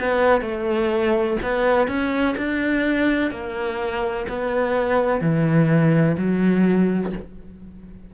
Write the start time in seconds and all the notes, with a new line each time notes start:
0.00 B3
0.42 A3
1.43 B3
1.88 C#4
2.38 D4
3.31 A#3
4.29 B3
5.22 E3
6.18 F#3